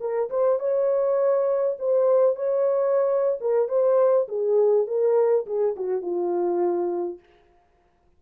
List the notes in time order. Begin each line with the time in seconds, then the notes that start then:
0.00 A#4
0.30 C5
0.59 C#5
1.79 C5
2.36 C#5
3.40 A#4
3.68 C5
4.28 G#4
4.87 A#4
5.46 G#4
5.76 F#4
6.02 F4